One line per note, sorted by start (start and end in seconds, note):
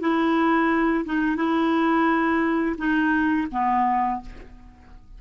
0.00 1.05 E4
1.05 1.36 D#4
1.36 2.76 E4
2.78 3.48 D#4
3.51 4.21 B3